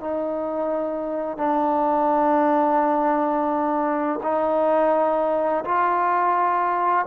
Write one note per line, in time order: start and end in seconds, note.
0.00 1.37 D#4
1.37 4.19 D4
4.23 5.64 D#4
5.64 7.06 F4